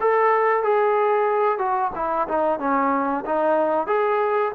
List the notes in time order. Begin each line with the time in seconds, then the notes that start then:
0.00 A4
0.63 G#4
1.58 F#4
1.95 E4
2.27 D#4
2.59 C#4
3.25 D#4
3.86 G#4